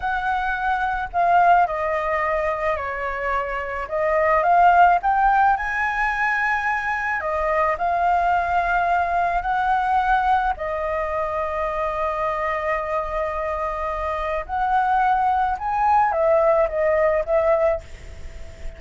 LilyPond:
\new Staff \with { instrumentName = "flute" } { \time 4/4 \tempo 4 = 108 fis''2 f''4 dis''4~ | dis''4 cis''2 dis''4 | f''4 g''4 gis''2~ | gis''4 dis''4 f''2~ |
f''4 fis''2 dis''4~ | dis''1~ | dis''2 fis''2 | gis''4 e''4 dis''4 e''4 | }